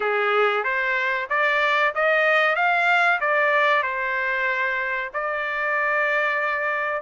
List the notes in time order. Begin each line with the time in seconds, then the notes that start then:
0.00 G#4
0.64 C5
1.29 D5
1.94 D#5
2.55 F5
3.20 D5
3.83 C5
5.13 D5